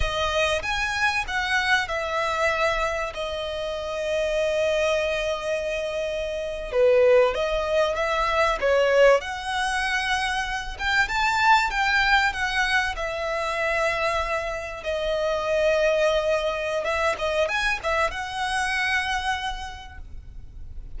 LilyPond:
\new Staff \with { instrumentName = "violin" } { \time 4/4 \tempo 4 = 96 dis''4 gis''4 fis''4 e''4~ | e''4 dis''2.~ | dis''2~ dis''8. b'4 dis''16~ | dis''8. e''4 cis''4 fis''4~ fis''16~ |
fis''4~ fis''16 g''8 a''4 g''4 fis''16~ | fis''8. e''2. dis''16~ | dis''2. e''8 dis''8 | gis''8 e''8 fis''2. | }